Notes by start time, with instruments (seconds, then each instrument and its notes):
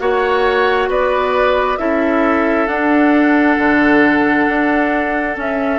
0.00 bassoon A#3, clarinet F#4, oboe C#5, flute F#5
0.89 bassoon B3, oboe B4, flute D5
1.78 bassoon C#4, clarinet E4, oboe A4, flute E5
2.67 bassoon D4, clarinet D4, flute F#5
3.58 bassoon D3
4.48 bassoon D4
5.35 clarinet C#4, bassoon C#4, flute E5